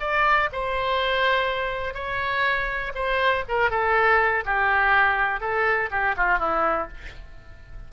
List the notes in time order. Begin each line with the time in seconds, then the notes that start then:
0.00 D5
0.53 C5
1.94 C#5
2.95 C5
3.49 A#4
3.70 A4
4.46 G4
5.41 A4
5.91 G4
6.17 F4
6.39 E4